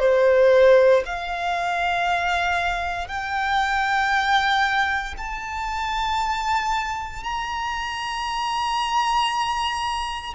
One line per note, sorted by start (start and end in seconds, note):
0.00 1.03 C5
1.06 3.08 F5
3.08 5.15 G5
5.18 7.24 A5
7.24 10.34 A#5